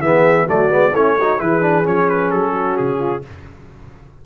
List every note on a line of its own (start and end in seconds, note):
0.00 0.46 E3
0.00 0.47 B3
0.00 0.46 G#4
0.00 0.47 E5
0.46 0.70 F#3
0.46 0.69 A3
0.46 0.92 F#4
0.46 0.95 D5
0.69 0.92 G#3
0.69 0.92 B3
0.92 1.38 A3
0.92 1.19 C#4
0.92 1.15 E4
0.92 1.40 C#5
1.18 1.39 D#4
1.18 1.40 F#4
1.39 1.87 E3
1.39 1.61 E4
1.39 2.52 G#4
1.39 1.86 B4
1.61 1.84 D4
1.84 2.33 F3
1.84 3.22 C#4
1.84 2.09 C#5
2.09 2.31 B4
2.31 2.79 F#3
2.31 2.77 A4
2.52 2.99 F#4
2.77 3.26 C#3
2.77 3.23 G#4
2.99 3.22 F4